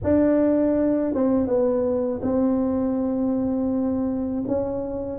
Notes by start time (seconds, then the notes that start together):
0.03 D4
1.13 C4
1.46 B3
2.22 C4
4.47 C#4